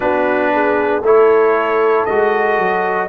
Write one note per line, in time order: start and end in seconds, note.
0.00 1.01 B3
0.00 1.02 D4
0.00 0.52 F#4
0.00 1.02 B4
0.53 1.05 G#4
1.01 2.04 A3
1.01 2.08 E4
1.01 3.08 A4
1.01 2.05 C#5
2.05 2.58 G#3
2.05 3.08 F#4
2.05 3.08 D#5
2.58 3.08 F#3